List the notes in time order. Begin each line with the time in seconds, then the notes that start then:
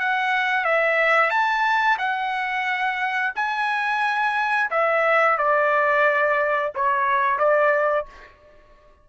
0.00 F#5
0.65 E5
1.31 A5
1.99 F#5
3.36 G#5
4.71 E5
5.38 D5
6.75 C#5
7.39 D5